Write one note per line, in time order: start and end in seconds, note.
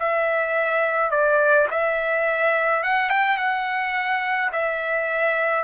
0.00 1.12 E5
1.12 1.68 D5
1.71 2.84 E5
2.84 3.10 F#5
3.10 3.38 G5
3.38 4.51 F#5
4.53 5.64 E5